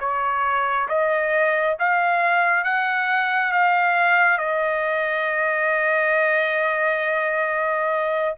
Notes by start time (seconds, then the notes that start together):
0.00 C#5
0.89 D#5
1.79 F5
2.64 F#5
3.53 F5
4.38 D#5